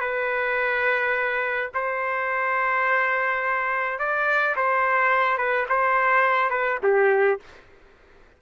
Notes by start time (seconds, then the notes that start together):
0.00 B4
1.74 C5
3.99 D5
4.56 C5
5.37 B4
5.69 C5
6.50 B4
6.83 G4